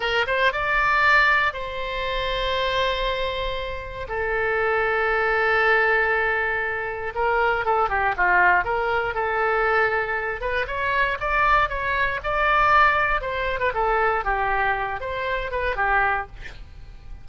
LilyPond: \new Staff \with { instrumentName = "oboe" } { \time 4/4 \tempo 4 = 118 ais'8 c''8 d''2 c''4~ | c''1 | a'1~ | a'2 ais'4 a'8 g'8 |
f'4 ais'4 a'2~ | a'8 b'8 cis''4 d''4 cis''4 | d''2 c''8. b'16 a'4 | g'4. c''4 b'8 g'4 | }